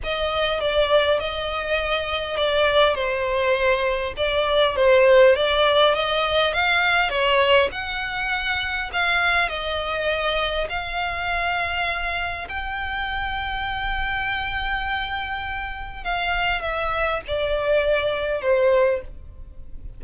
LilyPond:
\new Staff \with { instrumentName = "violin" } { \time 4/4 \tempo 4 = 101 dis''4 d''4 dis''2 | d''4 c''2 d''4 | c''4 d''4 dis''4 f''4 | cis''4 fis''2 f''4 |
dis''2 f''2~ | f''4 g''2.~ | g''2. f''4 | e''4 d''2 c''4 | }